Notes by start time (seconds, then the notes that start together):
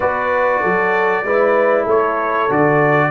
0.00 B3 F#4 B4 D5
0.61 F#3 A4
1.23 G#3 E4 B4
1.83 A3 A4 C#5
2.49 D3 F#4 D5